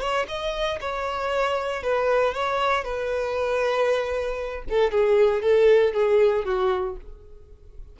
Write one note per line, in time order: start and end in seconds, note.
0.00 0.26 C#5
0.28 0.79 D#5
0.80 1.83 C#5
1.83 2.34 B4
2.34 2.84 C#5
2.84 4.63 B4
4.69 4.91 A4
4.91 5.42 G#4
5.42 5.93 A4
5.93 6.45 G#4
6.45 6.96 F#4